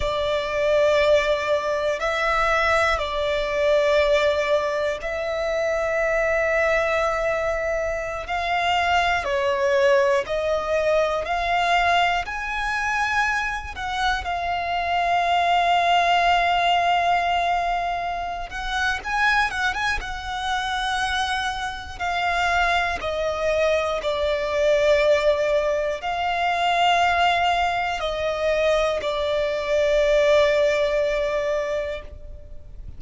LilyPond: \new Staff \with { instrumentName = "violin" } { \time 4/4 \tempo 4 = 60 d''2 e''4 d''4~ | d''4 e''2.~ | e''16 f''4 cis''4 dis''4 f''8.~ | f''16 gis''4. fis''8 f''4.~ f''16~ |
f''2~ f''8 fis''8 gis''8 fis''16 gis''16 | fis''2 f''4 dis''4 | d''2 f''2 | dis''4 d''2. | }